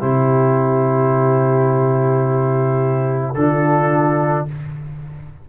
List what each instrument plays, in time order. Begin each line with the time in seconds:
0.00 tuba C3, trombone E4, horn G4, trumpet C5
3.34 tuba D3, trombone D4, horn F4, trumpet A4